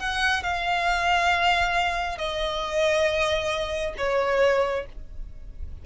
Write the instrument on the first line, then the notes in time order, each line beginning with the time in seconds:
violin
0.00 F#5
0.43 F5
2.18 D#5
3.98 C#5